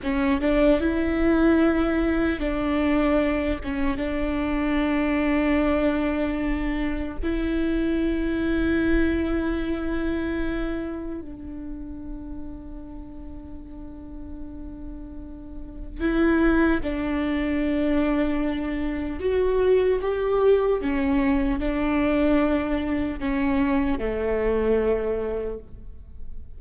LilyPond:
\new Staff \with { instrumentName = "viola" } { \time 4/4 \tempo 4 = 75 cis'8 d'8 e'2 d'4~ | d'8 cis'8 d'2.~ | d'4 e'2.~ | e'2 d'2~ |
d'1 | e'4 d'2. | fis'4 g'4 cis'4 d'4~ | d'4 cis'4 a2 | }